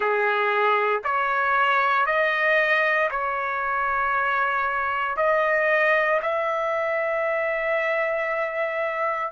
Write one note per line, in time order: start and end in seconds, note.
0.00 1.02 G#4
1.03 2.05 C#5
2.05 3.09 D#5
3.10 5.16 C#5
5.16 6.20 D#5
6.22 9.32 E5